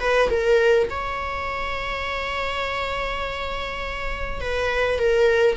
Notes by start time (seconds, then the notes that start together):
0.00 B4
0.30 A#4
0.90 C#5
4.41 B4
4.99 A#4